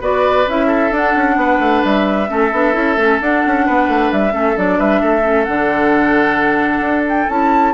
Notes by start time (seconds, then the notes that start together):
0.00 B3 F#4 B4 D5
0.47 C#4 E4 E5
0.66 A4
0.91 D4 F#5
1.15 C#4
1.36 B3 B4
1.59 A3
1.84 G3 E5
2.27 A3 C#4 A4
2.52 B3 D4
2.73 C#4 E4
2.96 A3 C#4
3.21 D4 F#5
3.46 C#4
3.66 B3 B4
3.88 A3
4.12 G3 E5
4.31 A3 C#4 A4
4.56 F#3 D4 D5
4.78 G3 B4 E5
5.01 A3 A4
5.22 C#4
5.44 D3 D4 F#5
6.80 D4
7.09 G5
7.29 C#4 E4 A5